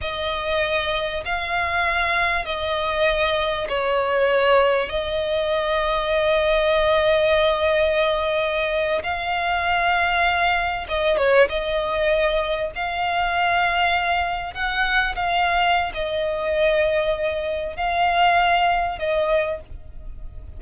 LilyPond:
\new Staff \with { instrumentName = "violin" } { \time 4/4 \tempo 4 = 98 dis''2 f''2 | dis''2 cis''2 | dis''1~ | dis''2~ dis''8. f''4~ f''16~ |
f''4.~ f''16 dis''8 cis''8 dis''4~ dis''16~ | dis''8. f''2. fis''16~ | fis''8. f''4~ f''16 dis''2~ | dis''4 f''2 dis''4 | }